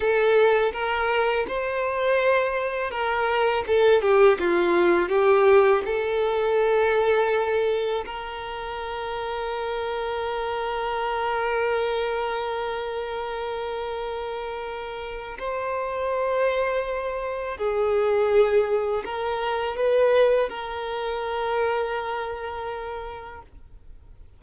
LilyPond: \new Staff \with { instrumentName = "violin" } { \time 4/4 \tempo 4 = 82 a'4 ais'4 c''2 | ais'4 a'8 g'8 f'4 g'4 | a'2. ais'4~ | ais'1~ |
ais'1~ | ais'4 c''2. | gis'2 ais'4 b'4 | ais'1 | }